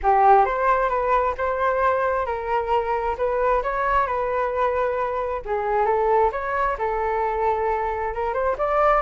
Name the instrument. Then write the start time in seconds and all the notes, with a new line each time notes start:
flute
0.02 G4
0.45 C5
0.89 B4
1.37 C5
2.26 A#4
3.17 B4
3.62 C#5
4.06 B4
5.45 G#4
5.85 A4
6.32 C#5
6.78 A4
8.13 A#4
8.33 C5
8.58 D5